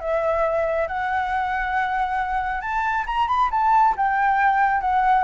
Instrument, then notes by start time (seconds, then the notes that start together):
flute
0.00 E5
0.87 F#5
2.61 A5
3.06 A#5
3.28 B5
3.51 A5
3.97 G5
4.81 F#5